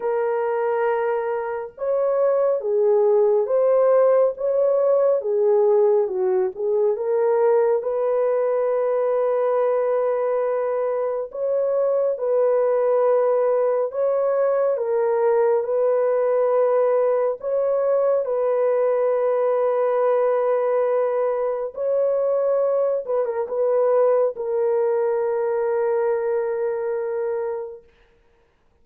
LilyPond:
\new Staff \with { instrumentName = "horn" } { \time 4/4 \tempo 4 = 69 ais'2 cis''4 gis'4 | c''4 cis''4 gis'4 fis'8 gis'8 | ais'4 b'2.~ | b'4 cis''4 b'2 |
cis''4 ais'4 b'2 | cis''4 b'2.~ | b'4 cis''4. b'16 ais'16 b'4 | ais'1 | }